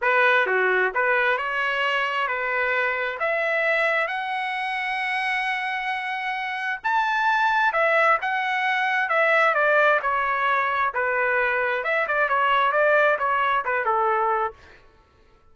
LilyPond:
\new Staff \with { instrumentName = "trumpet" } { \time 4/4 \tempo 4 = 132 b'4 fis'4 b'4 cis''4~ | cis''4 b'2 e''4~ | e''4 fis''2.~ | fis''2. a''4~ |
a''4 e''4 fis''2 | e''4 d''4 cis''2 | b'2 e''8 d''8 cis''4 | d''4 cis''4 b'8 a'4. | }